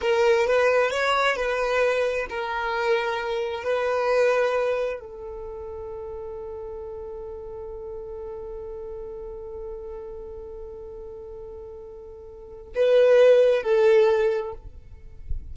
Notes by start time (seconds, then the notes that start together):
0.01 A#4
0.46 B4
0.90 C#5
1.36 B4
2.29 A#4
3.63 B4
5.00 A4
12.75 B4
13.62 A4